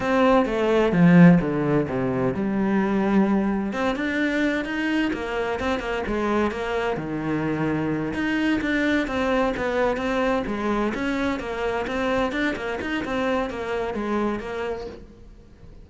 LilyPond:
\new Staff \with { instrumentName = "cello" } { \time 4/4 \tempo 4 = 129 c'4 a4 f4 d4 | c4 g2. | c'8 d'4. dis'4 ais4 | c'8 ais8 gis4 ais4 dis4~ |
dis4. dis'4 d'4 c'8~ | c'8 b4 c'4 gis4 cis'8~ | cis'8 ais4 c'4 d'8 ais8 dis'8 | c'4 ais4 gis4 ais4 | }